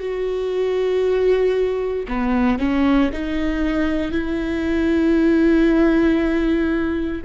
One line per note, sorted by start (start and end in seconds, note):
0.00 2.07 F#4
2.08 2.59 B3
2.59 3.11 C#4
3.13 4.12 D#4
4.12 7.22 E4